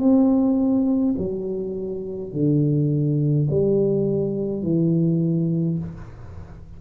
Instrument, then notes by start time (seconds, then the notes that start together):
tuba
0.00 C4
1.18 F#3
2.33 D3
3.50 G3
4.63 E3